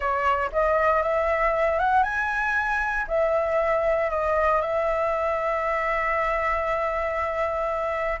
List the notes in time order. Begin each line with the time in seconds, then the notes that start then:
0.00 C#5
0.52 D#5
1.02 E5
1.79 F#5
2.03 G#5
3.07 E5
4.10 D#5
4.61 E5